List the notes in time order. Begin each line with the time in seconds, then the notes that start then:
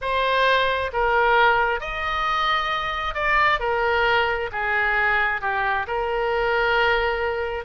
0.01 C5
0.92 A#4
1.80 D#5
3.14 D5
3.59 A#4
4.52 G#4
5.41 G4
5.87 A#4